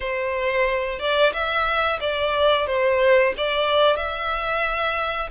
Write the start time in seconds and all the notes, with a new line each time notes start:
0.00 C5
0.99 D5
1.33 E5
2.00 D5
2.67 C5
3.37 D5
3.96 E5